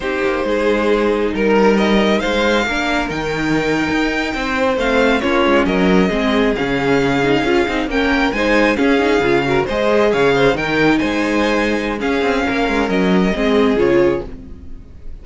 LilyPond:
<<
  \new Staff \with { instrumentName = "violin" } { \time 4/4 \tempo 4 = 135 c''2. ais'4 | dis''4 f''2 g''4~ | g''2~ g''8. f''4 cis''16~ | cis''8. dis''2 f''4~ f''16~ |
f''4.~ f''16 g''4 gis''4 f''16~ | f''4.~ f''16 dis''4 f''4 g''16~ | g''8. gis''2~ gis''16 f''4~ | f''4 dis''2 cis''4 | }
  \new Staff \with { instrumentName = "violin" } { \time 4/4 g'4 gis'2 ais'4~ | ais'4 c''4 ais'2~ | ais'4.~ ais'16 c''2 f'16~ | f'8. ais'4 gis'2~ gis'16~ |
gis'4.~ gis'16 ais'4 c''4 gis'16~ | gis'4~ gis'16 ais'8 c''4 cis''8 c''8 ais'16~ | ais'8. c''2~ c''16 gis'4 | ais'2 gis'2 | }
  \new Staff \with { instrumentName = "viola" } { \time 4/4 dis'1~ | dis'2 d'4 dis'4~ | dis'2~ dis'8. c'4 cis'16~ | cis'4.~ cis'16 c'4 cis'4~ cis'16~ |
cis'16 dis'8 f'8 dis'8 cis'4 dis'4 cis'16~ | cis'16 dis'8 f'8 fis'8 gis'2 dis'16~ | dis'2. cis'4~ | cis'2 c'4 f'4 | }
  \new Staff \with { instrumentName = "cello" } { \time 4/4 c'8 ais8 gis2 g4~ | g4 gis4 ais4 dis4~ | dis8. dis'4 c'4 a4 ais16~ | ais16 gis8 fis4 gis4 cis4~ cis16~ |
cis8. cis'8 c'8 ais4 gis4 cis'16~ | cis'8. cis4 gis4 cis4 dis16~ | dis8. gis2~ gis16 cis'8 c'8 | ais8 gis8 fis4 gis4 cis4 | }
>>